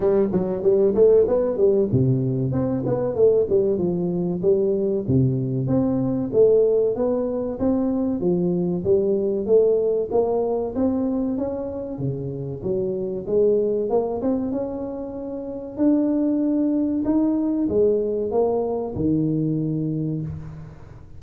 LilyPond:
\new Staff \with { instrumentName = "tuba" } { \time 4/4 \tempo 4 = 95 g8 fis8 g8 a8 b8 g8 c4 | c'8 b8 a8 g8 f4 g4 | c4 c'4 a4 b4 | c'4 f4 g4 a4 |
ais4 c'4 cis'4 cis4 | fis4 gis4 ais8 c'8 cis'4~ | cis'4 d'2 dis'4 | gis4 ais4 dis2 | }